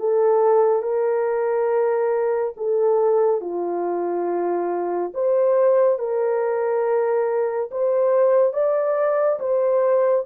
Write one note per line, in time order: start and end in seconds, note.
0.00 0.83 A4
0.83 2.54 A#4
2.57 3.41 A4
3.41 5.13 F4
5.15 5.99 C5
5.99 7.70 A#4
7.71 8.54 C5
8.54 9.39 D5
9.40 10.25 C5